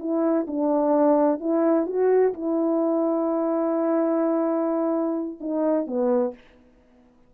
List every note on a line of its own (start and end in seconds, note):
0.00 0.47 E4
0.48 1.40 D4
1.40 1.87 E4
1.87 2.34 F#4
2.34 5.39 E4
5.41 5.87 D#4
5.87 6.34 B3